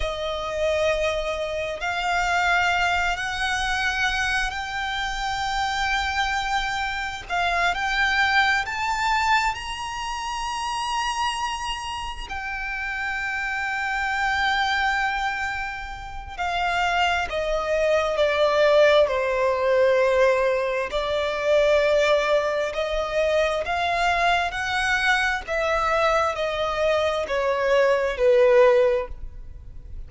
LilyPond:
\new Staff \with { instrumentName = "violin" } { \time 4/4 \tempo 4 = 66 dis''2 f''4. fis''8~ | fis''4 g''2. | f''8 g''4 a''4 ais''4.~ | ais''4. g''2~ g''8~ |
g''2 f''4 dis''4 | d''4 c''2 d''4~ | d''4 dis''4 f''4 fis''4 | e''4 dis''4 cis''4 b'4 | }